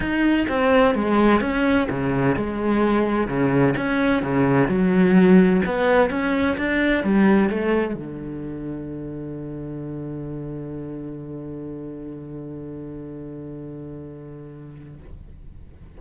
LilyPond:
\new Staff \with { instrumentName = "cello" } { \time 4/4 \tempo 4 = 128 dis'4 c'4 gis4 cis'4 | cis4 gis2 cis4 | cis'4 cis4 fis2 | b4 cis'4 d'4 g4 |
a4 d2.~ | d1~ | d1~ | d1 | }